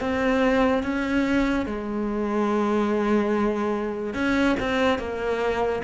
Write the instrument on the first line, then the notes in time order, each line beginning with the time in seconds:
cello
0.00 C4
0.83 C#4
1.66 G#3
4.14 C#4
4.60 C4
4.98 A#3